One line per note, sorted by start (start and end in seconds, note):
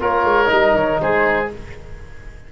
0.00 0.24 A#3
0.00 0.46 F4
0.00 1.01 A#4
0.00 0.51 C#5
0.24 0.49 G#3
0.46 0.74 G3
0.46 1.46 D#4
0.46 0.76 D#5
0.74 0.99 D#3
0.74 1.01 C#5
1.01 1.52 G#3
1.01 1.52 G#4
1.01 1.51 C5